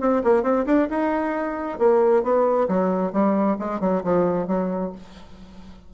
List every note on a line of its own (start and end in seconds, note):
0.00 0.22 C4
0.24 0.43 A#3
0.43 0.65 C4
0.66 0.88 D4
0.90 1.79 D#4
1.79 2.23 A#3
2.23 2.68 B3
2.68 3.13 F#3
3.13 3.57 G3
3.59 3.80 G#3
3.80 4.02 F#3
4.04 4.47 F3
4.47 4.92 F#3